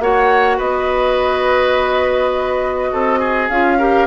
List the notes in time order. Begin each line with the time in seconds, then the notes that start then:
0.00 A#3 F#4 C#5 F#5
0.58 B3 B4 D#5
2.92 C4 A4
3.20 G#4
3.49 C#4 F4 F5
3.79 G4 A#4